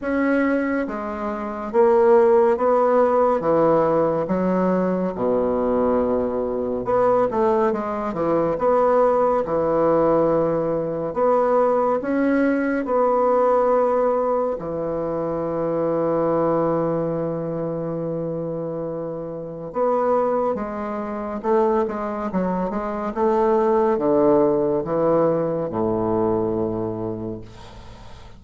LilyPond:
\new Staff \with { instrumentName = "bassoon" } { \time 4/4 \tempo 4 = 70 cis'4 gis4 ais4 b4 | e4 fis4 b,2 | b8 a8 gis8 e8 b4 e4~ | e4 b4 cis'4 b4~ |
b4 e2.~ | e2. b4 | gis4 a8 gis8 fis8 gis8 a4 | d4 e4 a,2 | }